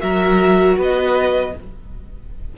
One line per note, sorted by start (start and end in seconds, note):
0.00 0.78 F#3
0.00 1.52 F#4
0.00 0.78 A#4
0.00 0.77 E5
0.78 1.54 B3
0.78 1.54 B4
0.78 1.58 D#5